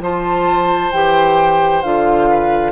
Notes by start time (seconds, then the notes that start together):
0.00 F3 F4 C5 A5
0.91 E3 G4 G5
1.82 D3 F4 F5
2.30 B4